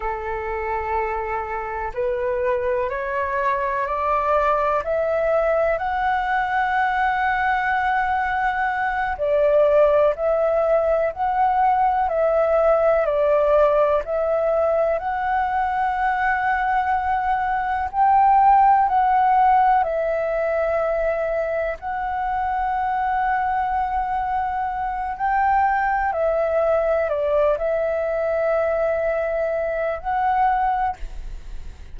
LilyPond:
\new Staff \with { instrumentName = "flute" } { \time 4/4 \tempo 4 = 62 a'2 b'4 cis''4 | d''4 e''4 fis''2~ | fis''4. d''4 e''4 fis''8~ | fis''8 e''4 d''4 e''4 fis''8~ |
fis''2~ fis''8 g''4 fis''8~ | fis''8 e''2 fis''4.~ | fis''2 g''4 e''4 | d''8 e''2~ e''8 fis''4 | }